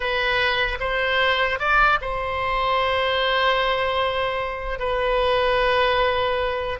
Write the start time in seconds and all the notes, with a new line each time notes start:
0.00 B4
0.80 C5
1.59 D5
2.01 C5
4.79 B4